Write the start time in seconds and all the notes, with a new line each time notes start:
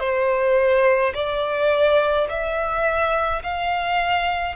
0.00 C5
1.14 D5
2.30 E5
3.43 F5